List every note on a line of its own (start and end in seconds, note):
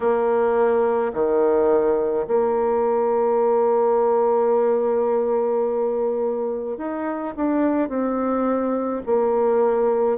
0.00 1.12 A#3
1.13 2.26 D#3
2.27 6.77 A#3
6.77 7.34 D#4
7.36 7.88 D4
7.88 9.02 C4
9.06 10.17 A#3